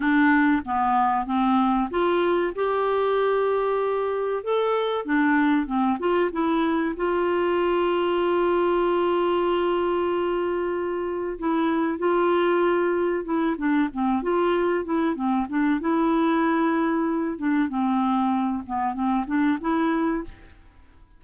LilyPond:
\new Staff \with { instrumentName = "clarinet" } { \time 4/4 \tempo 4 = 95 d'4 b4 c'4 f'4 | g'2. a'4 | d'4 c'8 f'8 e'4 f'4~ | f'1~ |
f'2 e'4 f'4~ | f'4 e'8 d'8 c'8 f'4 e'8 | c'8 d'8 e'2~ e'8 d'8 | c'4. b8 c'8 d'8 e'4 | }